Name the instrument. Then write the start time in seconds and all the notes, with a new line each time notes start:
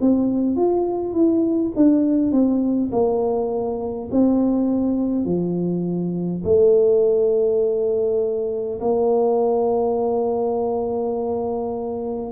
tuba
0.00 C4
0.56 F4
1.13 E4
1.75 D4
2.32 C4
2.91 A#3
4.11 C4
5.25 F3
6.44 A3
8.80 A#3